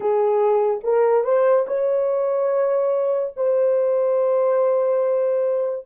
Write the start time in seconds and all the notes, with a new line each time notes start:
0.00 G#4
0.83 A#4
1.23 C5
1.67 C#5
3.36 C5